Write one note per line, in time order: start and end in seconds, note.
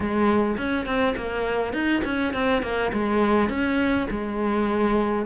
0.00 0.57 G#3
0.57 0.86 C#4
0.86 1.15 C4
1.17 1.73 A#3
1.73 2.02 D#4
2.04 2.33 C#4
2.33 2.62 C4
2.62 2.91 A#3
2.93 3.49 G#3
3.49 4.07 C#4
4.10 5.25 G#3